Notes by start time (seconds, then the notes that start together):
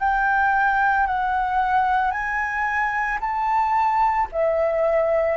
0.00 G5
1.07 F#5
2.12 G#5
3.21 A5
4.32 E5